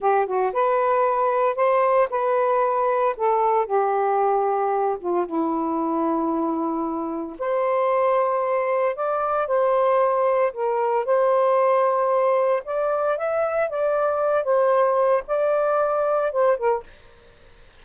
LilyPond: \new Staff \with { instrumentName = "saxophone" } { \time 4/4 \tempo 4 = 114 g'8 fis'8 b'2 c''4 | b'2 a'4 g'4~ | g'4. f'8 e'2~ | e'2 c''2~ |
c''4 d''4 c''2 | ais'4 c''2. | d''4 e''4 d''4. c''8~ | c''4 d''2 c''8 ais'8 | }